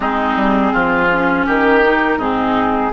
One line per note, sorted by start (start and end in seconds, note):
0.00 0.36 G#3
0.00 1.10 C4
0.00 0.73 D#4
0.00 1.47 G#4
0.36 0.72 G3
0.73 1.47 F3
0.73 1.46 F4
1.11 1.83 C#4
1.46 2.17 D#3
1.46 2.18 G4
1.46 2.20 A#4
1.83 2.19 D#4
2.17 2.90 G#2
2.17 2.92 C4
2.17 2.91 D#4
2.17 2.93 G#4